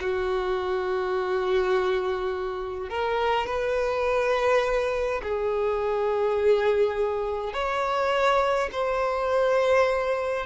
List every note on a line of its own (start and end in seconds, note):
0.00 2.89 F#4
2.89 3.46 A#4
3.46 5.21 B4
5.23 7.53 G#4
7.53 8.70 C#5
8.72 10.46 C5